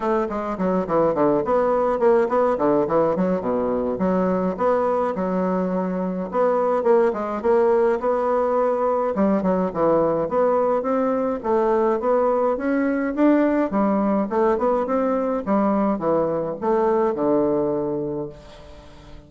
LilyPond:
\new Staff \with { instrumentName = "bassoon" } { \time 4/4 \tempo 4 = 105 a8 gis8 fis8 e8 d8 b4 ais8 | b8 d8 e8 fis8 b,4 fis4 | b4 fis2 b4 | ais8 gis8 ais4 b2 |
g8 fis8 e4 b4 c'4 | a4 b4 cis'4 d'4 | g4 a8 b8 c'4 g4 | e4 a4 d2 | }